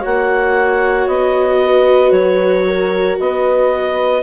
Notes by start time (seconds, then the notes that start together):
0.00 A#3 F#4 C#5 F#5
1.07 B3 D#5
1.62 B4
2.11 F#3 C#5
2.67 A#4
3.20 B3 B4 D#5